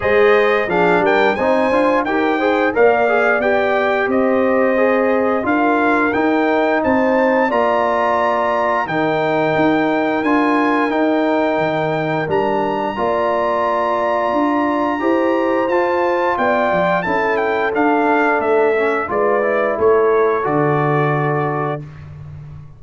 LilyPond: <<
  \new Staff \with { instrumentName = "trumpet" } { \time 4/4 \tempo 4 = 88 dis''4 f''8 g''8 gis''4 g''4 | f''4 g''4 dis''2 | f''4 g''4 a''4 ais''4~ | ais''4 g''2 gis''4 |
g''2 ais''2~ | ais''2. a''4 | g''4 a''8 g''8 f''4 e''4 | d''4 cis''4 d''2 | }
  \new Staff \with { instrumentName = "horn" } { \time 4/4 c''4 gis'8 ais'8 c''4 ais'8 c''8 | d''2 c''2 | ais'2 c''4 d''4~ | d''4 ais'2.~ |
ais'2. d''4~ | d''2 c''2 | d''4 a'2. | b'4 a'2. | }
  \new Staff \with { instrumentName = "trombone" } { \time 4/4 gis'4 d'4 dis'8 f'8 g'8 gis'8 | ais'8 gis'8 g'2 gis'4 | f'4 dis'2 f'4~ | f'4 dis'2 f'4 |
dis'2 d'4 f'4~ | f'2 g'4 f'4~ | f'4 e'4 d'4. cis'8 | f'8 e'4. fis'2 | }
  \new Staff \with { instrumentName = "tuba" } { \time 4/4 gis4 f8 g8 c'8 d'8 dis'4 | ais4 b4 c'2 | d'4 dis'4 c'4 ais4~ | ais4 dis4 dis'4 d'4 |
dis'4 dis4 g4 ais4~ | ais4 d'4 e'4 f'4 | b8 f8 cis'4 d'4 a4 | gis4 a4 d2 | }
>>